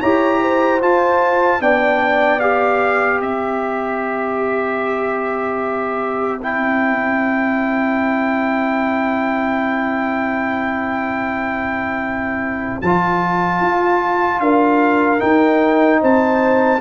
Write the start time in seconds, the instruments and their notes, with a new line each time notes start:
0.00 tuba E4, trombone G4, horn C#5, trumpet A#5
0.40 horn C5
0.81 trombone F4, tuba F4, trumpet A5
1.60 tuba B3, trombone D4, horn D5, trumpet G5
2.40 trombone G4, trumpet F5
3.19 tuba C4, horn C5, trumpet E5
6.42 trombone E4, trumpet G5
12.81 tuba F3, trombone F4, trumpet A5
13.60 tuba F4
14.40 tuba D4, horn A#4, trumpet F5
15.19 trombone D#4, tuba D#4, trumpet G5
16.01 tuba C4, horn C5, trumpet A5